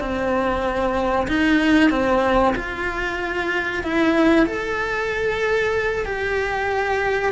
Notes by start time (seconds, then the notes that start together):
0.00 C4
1.28 D#4
1.91 C4
2.56 F4
3.84 E4
4.47 A4
6.06 G4